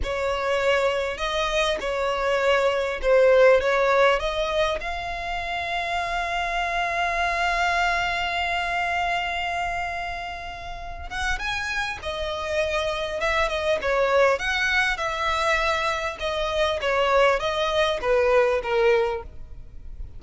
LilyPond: \new Staff \with { instrumentName = "violin" } { \time 4/4 \tempo 4 = 100 cis''2 dis''4 cis''4~ | cis''4 c''4 cis''4 dis''4 | f''1~ | f''1~ |
f''2~ f''8 fis''8 gis''4 | dis''2 e''8 dis''8 cis''4 | fis''4 e''2 dis''4 | cis''4 dis''4 b'4 ais'4 | }